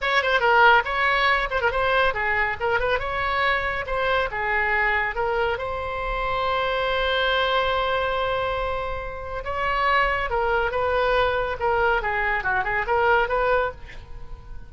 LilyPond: \new Staff \with { instrumentName = "oboe" } { \time 4/4 \tempo 4 = 140 cis''8 c''8 ais'4 cis''4. c''16 ais'16 | c''4 gis'4 ais'8 b'8 cis''4~ | cis''4 c''4 gis'2 | ais'4 c''2.~ |
c''1~ | c''2 cis''2 | ais'4 b'2 ais'4 | gis'4 fis'8 gis'8 ais'4 b'4 | }